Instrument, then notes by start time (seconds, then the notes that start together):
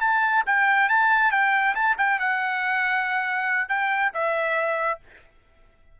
trumpet
0.00 A5
0.46 G5
0.89 A5
1.31 G5
1.75 A5
1.98 G5
2.19 F#5
3.69 G5
4.13 E5